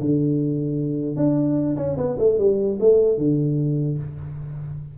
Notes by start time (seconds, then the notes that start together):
0.00 D3
1.16 D4
1.76 C#4
1.97 B3
2.18 A3
2.38 G3
2.80 A3
3.18 D3